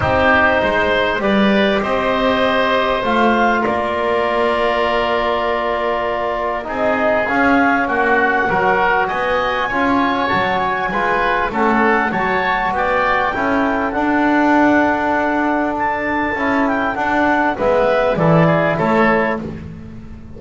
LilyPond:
<<
  \new Staff \with { instrumentName = "clarinet" } { \time 4/4 \tempo 4 = 99 c''2 d''4 dis''4~ | dis''4 f''4 d''2~ | d''2. dis''4 | f''4 fis''2 gis''4~ |
gis''4 a''8 gis''4. fis''4 | a''4 g''2 fis''4~ | fis''2 a''4. g''8 | fis''4 e''4 d''4 cis''4 | }
  \new Staff \with { instrumentName = "oboe" } { \time 4/4 g'4 c''4 b'4 c''4~ | c''2 ais'2~ | ais'2. gis'4~ | gis'4 fis'4 ais'4 dis''4 |
cis''2 b'4 a'4 | cis''4 d''4 a'2~ | a'1~ | a'4 b'4 a'8 gis'8 a'4 | }
  \new Staff \with { instrumentName = "trombone" } { \time 4/4 dis'2 g'2~ | g'4 f'2.~ | f'2. dis'4 | cis'2 fis'2 |
f'4 fis'4 f'4 cis'4 | fis'2 e'4 d'4~ | d'2. e'4 | d'4 b4 e'2 | }
  \new Staff \with { instrumentName = "double bass" } { \time 4/4 c'4 gis4 g4 c'4~ | c'4 a4 ais2~ | ais2. c'4 | cis'4 ais4 fis4 b4 |
cis'4 fis4 gis4 a4 | fis4 b4 cis'4 d'4~ | d'2. cis'4 | d'4 gis4 e4 a4 | }
>>